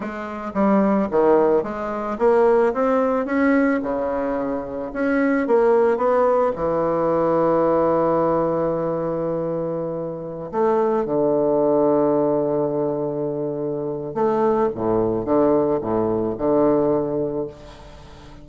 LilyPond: \new Staff \with { instrumentName = "bassoon" } { \time 4/4 \tempo 4 = 110 gis4 g4 dis4 gis4 | ais4 c'4 cis'4 cis4~ | cis4 cis'4 ais4 b4 | e1~ |
e2.~ e16 a8.~ | a16 d2.~ d8.~ | d2 a4 a,4 | d4 a,4 d2 | }